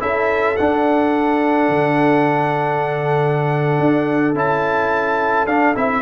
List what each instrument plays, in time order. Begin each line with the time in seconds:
0.00 tuba C#4, trombone E4, horn A4, trumpet E5
0.56 trombone D4, tuba D4, trumpet F#5
1.69 tuba D3
3.79 tuba D4
4.34 tuba C#4, trombone E4, trumpet A5
5.46 tuba D4, trombone D4, trumpet F5
5.75 tuba C4, trombone E4, trumpet E5